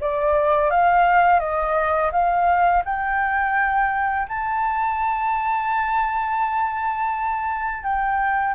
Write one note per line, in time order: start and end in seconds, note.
0.00 0.70 D5
0.70 1.39 F5
1.39 2.10 D#5
2.12 2.83 F5
2.84 4.27 G5
4.28 7.83 A5
7.83 8.54 G5